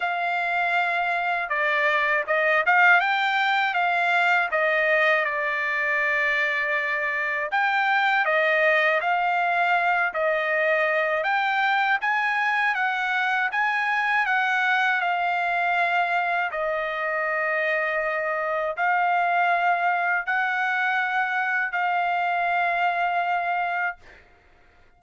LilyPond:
\new Staff \with { instrumentName = "trumpet" } { \time 4/4 \tempo 4 = 80 f''2 d''4 dis''8 f''8 | g''4 f''4 dis''4 d''4~ | d''2 g''4 dis''4 | f''4. dis''4. g''4 |
gis''4 fis''4 gis''4 fis''4 | f''2 dis''2~ | dis''4 f''2 fis''4~ | fis''4 f''2. | }